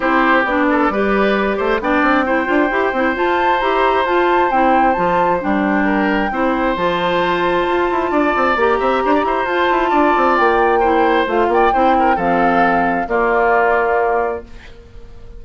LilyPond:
<<
  \new Staff \with { instrumentName = "flute" } { \time 4/4 \tempo 4 = 133 c''4 d''2. | g''2. a''4 | ais''4 a''4 g''4 a''4 | g''2. a''4~ |
a''2. ais''4~ | ais''4 a''2 g''4~ | g''4 f''8 g''4. f''4~ | f''4 d''2. | }
  \new Staff \with { instrumentName = "oboe" } { \time 4/4 g'4. a'8 b'4. c''8 | d''4 c''2.~ | c''1~ | c''4 ais'4 c''2~ |
c''2 d''4. e''8 | c''16 d''16 c''4. d''2 | c''4. d''8 c''8 ais'8 a'4~ | a'4 f'2. | }
  \new Staff \with { instrumentName = "clarinet" } { \time 4/4 e'4 d'4 g'2 | d'4 e'8 f'8 g'8 e'8 f'4 | g'4 f'4 e'4 f'4 | d'2 e'4 f'4~ |
f'2. g'4~ | g'4 f'2. | e'4 f'4 e'4 c'4~ | c'4 ais2. | }
  \new Staff \with { instrumentName = "bassoon" } { \time 4/4 c'4 b4 g4. a8 | b8 c'4 d'8 e'8 c'8 f'4 | e'4 f'4 c'4 f4 | g2 c'4 f4~ |
f4 f'8 e'8 d'8 c'8 ais8 c'8 | d'8 e'8 f'8 e'8 d'8 c'8 ais4~ | ais4 a8 ais8 c'4 f4~ | f4 ais2. | }
>>